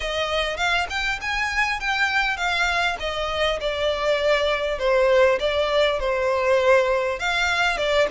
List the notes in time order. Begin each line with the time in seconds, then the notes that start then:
0.00 D#5
0.56 F5
0.89 G5
1.21 G#5
1.79 G5
2.36 F5
2.99 D#5
3.60 D5
4.78 C5
5.39 D5
5.99 C5
7.19 F5
7.77 D5